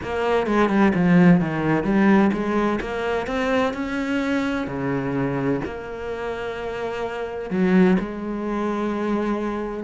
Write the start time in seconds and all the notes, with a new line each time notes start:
0.03 A#3
0.46 G#3
0.69 G3
0.94 F3
1.40 D#3
1.83 G3
2.32 G#3
2.81 A#3
3.26 C4
3.73 C#4
4.67 C#3
5.64 A#3
7.50 F#3
7.99 G#3